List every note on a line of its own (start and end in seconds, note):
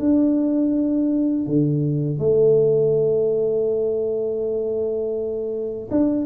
0.00 1.47 D4
1.47 2.19 D3
2.19 5.90 A3
5.91 6.26 D4